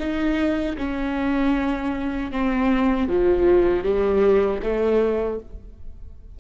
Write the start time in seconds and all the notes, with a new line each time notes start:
0.00 D#4
0.78 C#4
2.32 C4
3.09 F3
3.84 G3
4.63 A3